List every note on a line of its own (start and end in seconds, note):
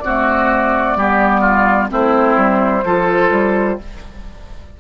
0.00 0.98 A3
0.00 0.96 C4
0.00 0.98 F#4
0.00 1.88 D5
0.96 1.90 G3
0.96 1.88 B3
0.96 1.41 G4
1.41 1.88 F4
1.88 2.36 A3
1.88 2.82 C4
1.88 2.85 E4
1.88 3.80 C5
2.36 2.83 G3
2.85 3.30 F3
2.85 3.79 F4
2.85 3.79 A4
3.30 3.77 G3